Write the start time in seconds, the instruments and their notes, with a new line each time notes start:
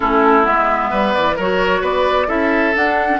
0.00 bassoon A3, clarinet C#4, oboe E4, flute A4
0.43 bassoon G#3, clarinet B3, flute E5
0.90 bassoon G3, oboe B4
1.13 bassoon E3, flute D5
1.35 bassoon F#3, clarinet F#4, oboe A#4, flute C#5
1.81 bassoon B3, oboe B4, flute D5
2.27 bassoon C#4, clarinet E4, oboe A4, flute E5
2.75 bassoon D4, clarinet D4, flute F#5
3.08 clarinet C#4